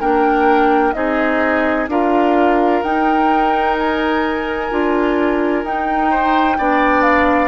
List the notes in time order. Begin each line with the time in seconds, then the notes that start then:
0.00 A#3 D4 A#4 G5
0.93 C4 D#4 G#4 D#5
1.88 D4 F4 A#4 F5
2.83 D#4 G5
3.78 G#5
4.71 D4 F4
5.64 D#4 G5
6.11 C5
6.58 B3 D4 D5
7.02 F5